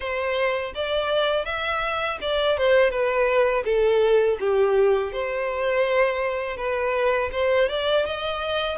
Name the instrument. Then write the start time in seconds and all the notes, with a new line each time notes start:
violin
0.00 C5
0.74 D5
1.45 E5
2.21 D5
2.57 C5
2.90 B4
3.64 A4
4.39 G4
5.12 C5
6.57 B4
7.32 C5
7.69 D5
8.05 D#5